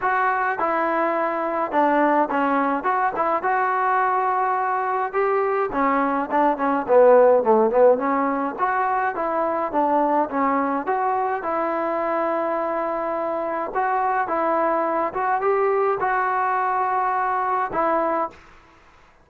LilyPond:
\new Staff \with { instrumentName = "trombone" } { \time 4/4 \tempo 4 = 105 fis'4 e'2 d'4 | cis'4 fis'8 e'8 fis'2~ | fis'4 g'4 cis'4 d'8 cis'8 | b4 a8 b8 cis'4 fis'4 |
e'4 d'4 cis'4 fis'4 | e'1 | fis'4 e'4. fis'8 g'4 | fis'2. e'4 | }